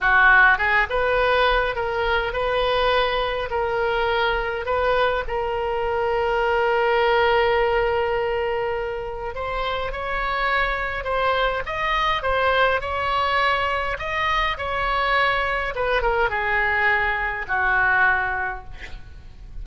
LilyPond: \new Staff \with { instrumentName = "oboe" } { \time 4/4 \tempo 4 = 103 fis'4 gis'8 b'4. ais'4 | b'2 ais'2 | b'4 ais'2.~ | ais'1 |
c''4 cis''2 c''4 | dis''4 c''4 cis''2 | dis''4 cis''2 b'8 ais'8 | gis'2 fis'2 | }